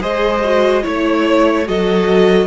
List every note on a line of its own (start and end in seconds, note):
0.00 0.85 G#3
0.00 0.41 G#4
0.00 0.83 C5
0.00 0.85 D#5
0.45 0.83 F#4
0.83 1.68 A3
0.83 1.65 E4
0.83 1.65 C#5
0.83 1.68 C#5
1.65 2.47 F#3
1.65 2.47 F#4
1.65 2.47 A4
1.65 2.47 D#5